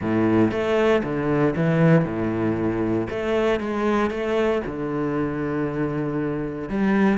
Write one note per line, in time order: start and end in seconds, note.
0.01 0.51 A2
0.51 1.02 A3
1.03 1.55 D3
1.55 2.04 E3
2.04 3.07 A2
3.10 3.60 A3
3.60 4.10 G#3
4.10 4.62 A3
4.66 6.69 D3
6.69 7.18 G3